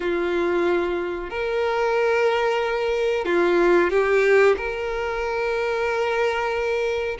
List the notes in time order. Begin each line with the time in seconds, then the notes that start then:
0.00 F4
1.30 A#4
3.25 F4
3.90 G4
4.57 A#4